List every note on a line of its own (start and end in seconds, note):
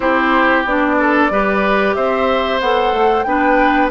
0.00 0.65 C4
0.00 0.65 E4
0.00 0.95 G4
0.00 0.63 C5
0.65 1.30 B3
0.65 1.31 D4
0.65 1.94 D5
0.99 1.31 A4
1.30 1.95 G3
1.30 2.61 G4
1.30 1.96 B4
1.94 2.60 C4
1.94 3.26 C5
1.94 2.59 E5
2.60 2.92 B3
2.60 3.26 A4
2.60 3.23 F#5
2.92 3.24 A3
3.23 3.90 B3
3.23 3.90 D4
3.23 3.90 B4
3.23 3.88 G5